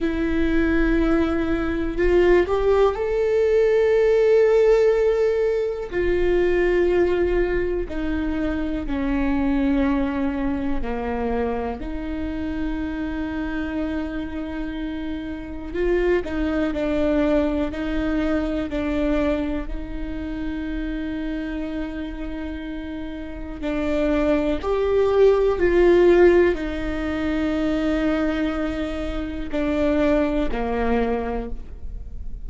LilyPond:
\new Staff \with { instrumentName = "viola" } { \time 4/4 \tempo 4 = 61 e'2 f'8 g'8 a'4~ | a'2 f'2 | dis'4 cis'2 ais4 | dis'1 |
f'8 dis'8 d'4 dis'4 d'4 | dis'1 | d'4 g'4 f'4 dis'4~ | dis'2 d'4 ais4 | }